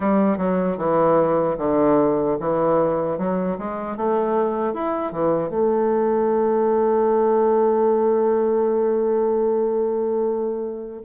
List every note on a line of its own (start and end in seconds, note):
0.00 0.37 G3
0.37 0.77 F#3
0.77 1.56 E3
1.58 2.37 D3
2.39 3.18 E3
3.18 3.57 F#3
3.58 3.97 G#3
3.97 4.73 A3
4.73 5.11 E4
5.11 5.49 E3
5.49 11.02 A3